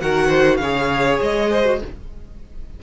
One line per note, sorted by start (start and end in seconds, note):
0.00 0.59 D#3
0.00 0.61 F#4
0.00 0.27 A#4
0.00 0.57 F#5
0.27 0.57 C5
0.57 1.19 C#3
0.57 1.50 C#5
0.57 1.17 F5
0.63 1.64 G#4
1.22 1.81 G#3
1.22 1.82 D#5
1.50 1.80 C5
1.64 1.79 F#4